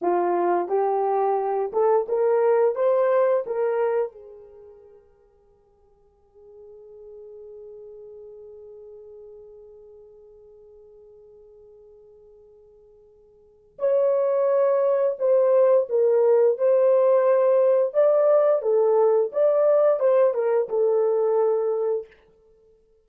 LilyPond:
\new Staff \with { instrumentName = "horn" } { \time 4/4 \tempo 4 = 87 f'4 g'4. a'8 ais'4 | c''4 ais'4 gis'2~ | gis'1~ | gis'1~ |
gis'1 | cis''2 c''4 ais'4 | c''2 d''4 a'4 | d''4 c''8 ais'8 a'2 | }